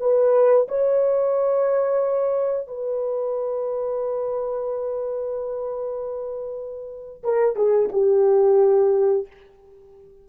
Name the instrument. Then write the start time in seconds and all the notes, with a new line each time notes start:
horn
0.00 B4
0.69 C#5
2.68 B4
7.24 A#4
7.56 G#4
7.92 G4